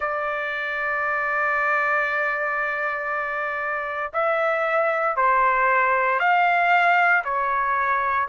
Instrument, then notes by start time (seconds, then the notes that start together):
trumpet
0.00 D5
4.13 E5
5.16 C5
6.19 F5
7.24 C#5